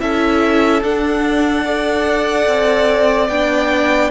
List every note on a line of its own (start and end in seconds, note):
0.00 0.82 C#4
0.00 0.82 E4
0.00 1.65 A4
0.00 0.83 E5
0.82 2.47 D4
0.82 1.65 D4
0.82 3.29 F#5
1.65 3.30 A4
1.65 4.11 D5
2.48 3.29 C4
3.29 4.11 B3
3.29 4.11 D4
3.29 4.11 G5